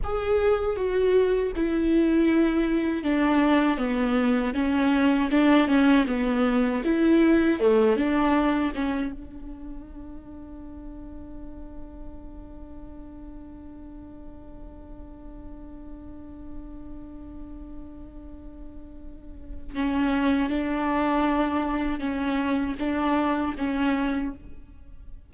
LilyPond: \new Staff \with { instrumentName = "viola" } { \time 4/4 \tempo 4 = 79 gis'4 fis'4 e'2 | d'4 b4 cis'4 d'8 cis'8 | b4 e'4 a8 d'4 cis'8 | d'1~ |
d'1~ | d'1~ | d'2 cis'4 d'4~ | d'4 cis'4 d'4 cis'4 | }